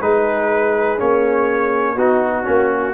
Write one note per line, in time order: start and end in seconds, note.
0.00 0.98 G#3
0.00 0.98 D#4
0.00 1.94 G#4
0.00 1.00 B4
0.98 1.96 A#3
0.98 1.96 C#4
0.98 1.98 C#5
1.94 2.45 B3
1.94 2.44 D#4
1.94 2.93 F#4
1.94 2.94 F#4
2.44 2.94 A#3
2.44 2.93 C#4